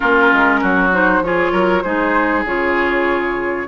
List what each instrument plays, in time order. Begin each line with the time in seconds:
0.00 bassoon A#3, clarinet C#4, oboe F4, flute A#4
0.32 bassoon G#3
0.61 bassoon F#3, oboe F#4
0.92 clarinet D#4, flute C5
1.21 bassoon F3, clarinet F4, oboe G#4, flute C#5
1.52 bassoon F#3, oboe A#4
1.82 bassoon G#3, clarinet D#4, oboe G#4, flute C5
2.44 bassoon C#3, clarinet F4, flute C#5